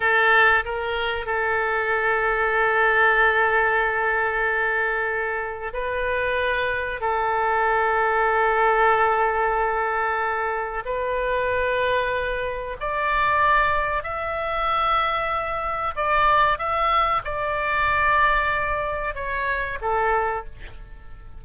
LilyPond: \new Staff \with { instrumentName = "oboe" } { \time 4/4 \tempo 4 = 94 a'4 ais'4 a'2~ | a'1~ | a'4 b'2 a'4~ | a'1~ |
a'4 b'2. | d''2 e''2~ | e''4 d''4 e''4 d''4~ | d''2 cis''4 a'4 | }